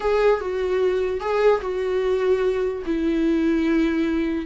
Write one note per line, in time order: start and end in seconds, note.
0.00 0.40 G#4
0.40 1.20 F#4
1.20 1.61 G#4
1.61 2.82 F#4
2.85 4.45 E4